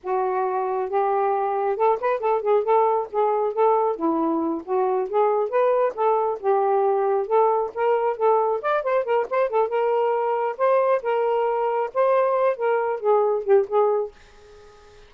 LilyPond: \new Staff \with { instrumentName = "saxophone" } { \time 4/4 \tempo 4 = 136 fis'2 g'2 | a'8 b'8 a'8 gis'8 a'4 gis'4 | a'4 e'4. fis'4 gis'8~ | gis'8 b'4 a'4 g'4.~ |
g'8 a'4 ais'4 a'4 d''8 | c''8 ais'8 c''8 a'8 ais'2 | c''4 ais'2 c''4~ | c''8 ais'4 gis'4 g'8 gis'4 | }